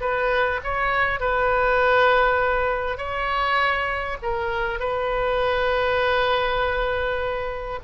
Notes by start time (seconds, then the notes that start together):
0.00 B4
0.63 C#5
1.20 B4
2.97 C#5
4.22 A#4
4.79 B4